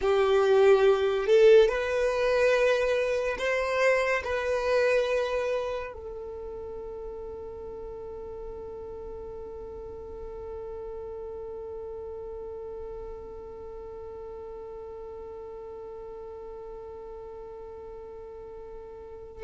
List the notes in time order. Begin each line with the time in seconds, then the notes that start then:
0.01 G4
1.26 A4
1.68 B4
3.38 C5
4.24 B4
5.93 A4